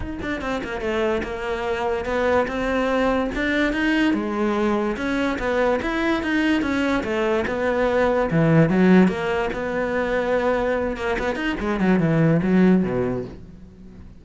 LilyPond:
\new Staff \with { instrumentName = "cello" } { \time 4/4 \tempo 4 = 145 dis'8 d'8 c'8 ais8 a4 ais4~ | ais4 b4 c'2 | d'4 dis'4 gis2 | cis'4 b4 e'4 dis'4 |
cis'4 a4 b2 | e4 fis4 ais4 b4~ | b2~ b8 ais8 b8 dis'8 | gis8 fis8 e4 fis4 b,4 | }